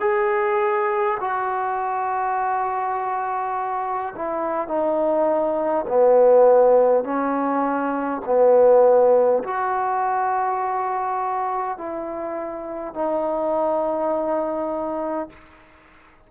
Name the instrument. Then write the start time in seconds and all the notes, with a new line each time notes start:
trombone
0.00 G#4
1.20 F#4
4.16 E4
4.68 D#4
5.87 B3
7.04 C#4
8.25 B3
9.44 F#4
11.78 E4
12.94 D#4